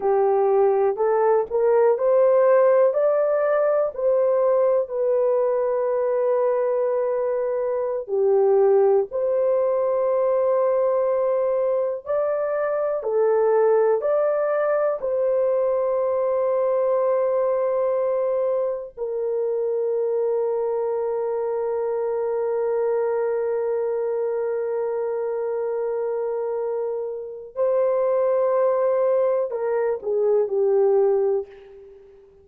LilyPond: \new Staff \with { instrumentName = "horn" } { \time 4/4 \tempo 4 = 61 g'4 a'8 ais'8 c''4 d''4 | c''4 b'2.~ | b'16 g'4 c''2~ c''8.~ | c''16 d''4 a'4 d''4 c''8.~ |
c''2.~ c''16 ais'8.~ | ais'1~ | ais'1 | c''2 ais'8 gis'8 g'4 | }